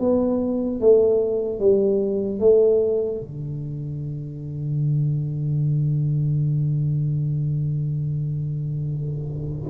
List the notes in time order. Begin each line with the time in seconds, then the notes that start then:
0.00 B3
0.80 A3
1.60 G3
2.40 A3
3.21 D3